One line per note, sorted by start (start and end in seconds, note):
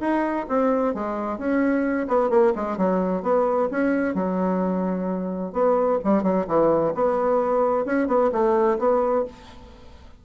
0.00 0.46 D#4
0.48 0.94 C4
0.94 1.38 G#3
1.38 2.07 C#4
2.08 2.30 B3
2.30 2.53 A#3
2.55 2.77 G#3
2.77 3.22 F#3
3.22 3.69 B3
3.71 4.14 C#4
4.14 5.53 F#3
5.53 5.99 B3
6.04 6.23 G3
6.23 6.46 F#3
6.47 6.93 E3
6.94 7.85 B3
7.85 8.07 C#4
8.07 8.30 B3
8.32 8.78 A3
8.79 9.25 B3